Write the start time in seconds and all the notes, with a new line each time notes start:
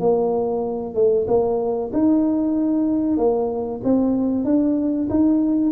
0.00 A#3
0.95 A3
1.28 A#3
1.93 D#4
3.18 A#3
3.84 C4
4.45 D4
5.10 D#4